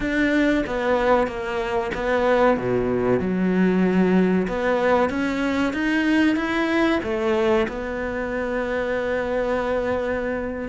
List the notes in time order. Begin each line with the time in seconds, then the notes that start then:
0.00 D4
0.66 B3
1.27 A#3
1.94 B3
2.57 B2
3.19 F#3
4.47 B3
5.09 C#4
5.73 D#4
6.35 E4
7.03 A3
7.68 B3